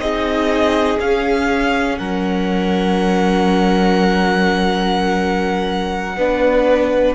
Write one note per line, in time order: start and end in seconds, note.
0.00 0.98 C4
0.00 0.99 D#4
0.00 1.99 G#4
0.00 0.99 D#5
1.00 1.98 C#4
1.00 6.16 C#4
1.00 1.98 F5
1.98 6.17 F#3
1.98 6.17 A#4
1.98 7.14 F#5
6.17 7.15 B3
6.17 7.15 D4
6.17 7.15 B4